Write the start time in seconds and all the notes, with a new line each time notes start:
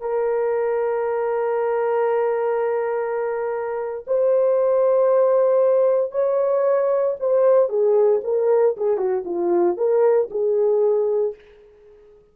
0.00 A#4
4.07 C5
6.11 C#5
7.20 C5
7.69 G#4
8.24 A#4
8.77 G#4
8.97 F#4
9.25 F4
9.77 A#4
10.30 G#4